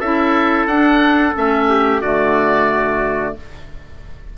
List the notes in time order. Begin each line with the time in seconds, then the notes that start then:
0.00 C#4 E4 A4 E5
0.66 D4 F#5
1.35 A3 C#4 E5
1.70 G4
2.01 D3 A3 F#4 D5